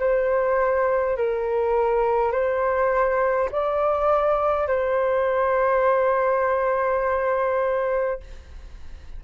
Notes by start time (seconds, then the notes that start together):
0.00 C5
1.17 A#4
2.32 C5
3.52 D5
4.68 C5